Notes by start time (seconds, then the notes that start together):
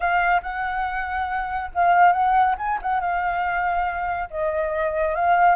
0.00 F5
0.42 F#5
1.74 F5
2.12 F#5
2.58 G#5
2.81 F#5
3.00 F5
4.30 D#5
5.15 F5